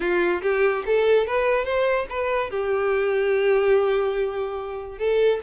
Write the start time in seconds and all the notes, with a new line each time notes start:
0.00 F4
0.41 G4
0.86 A4
1.27 B4
1.65 C5
2.09 B4
2.50 G4
4.98 A4